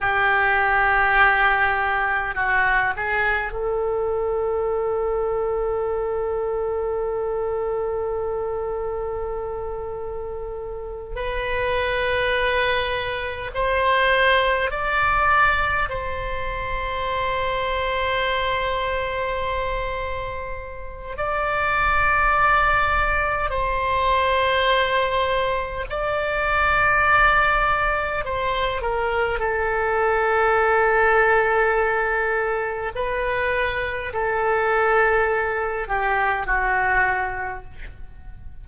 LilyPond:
\new Staff \with { instrumentName = "oboe" } { \time 4/4 \tempo 4 = 51 g'2 fis'8 gis'8 a'4~ | a'1~ | a'4. b'2 c''8~ | c''8 d''4 c''2~ c''8~ |
c''2 d''2 | c''2 d''2 | c''8 ais'8 a'2. | b'4 a'4. g'8 fis'4 | }